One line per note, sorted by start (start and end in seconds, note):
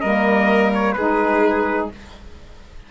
0.00 0.96 G3
0.00 0.96 A#3
0.00 0.94 A#4
0.00 0.70 D#5
0.74 0.93 C#5
0.93 1.89 G#3
0.93 1.91 D#4
0.93 1.90 G#4
0.93 1.86 B4